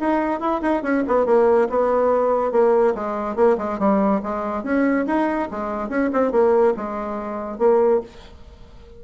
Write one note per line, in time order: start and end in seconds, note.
0.00 0.40 D#4
0.40 0.61 E4
0.62 0.83 D#4
0.83 1.04 C#4
1.08 1.26 B3
1.26 1.68 A#3
1.70 2.52 B3
2.52 2.94 A#3
2.95 3.36 G#3
3.36 3.57 A#3
3.58 3.79 G#3
3.79 4.22 G3
4.23 4.64 G#3
4.64 5.06 C#4
5.07 5.49 D#4
5.51 5.89 G#3
5.89 6.10 C#4
6.13 6.32 C4
6.32 6.74 A#3
6.77 7.58 G#3
7.58 8.01 A#3